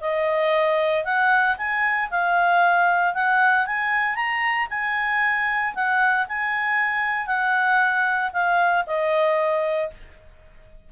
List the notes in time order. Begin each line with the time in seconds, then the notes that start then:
0.00 D#5
1.04 F#5
1.57 G#5
2.10 F5
3.14 F#5
3.66 G#5
4.15 A#5
4.70 G#5
5.74 F#5
6.28 G#5
7.27 F#5
8.33 F5
8.86 D#5